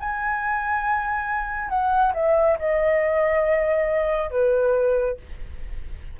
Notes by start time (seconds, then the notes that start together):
0.00 G#5
1.70 F#5
2.15 E5
2.59 D#5
4.30 B4